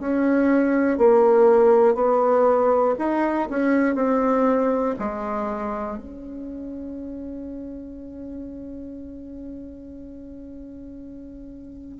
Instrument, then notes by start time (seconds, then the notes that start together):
bassoon
0.00 C#4
0.98 A#3
1.95 B3
2.99 D#4
3.50 C#4
3.95 C4
5.00 G#3
5.98 C#4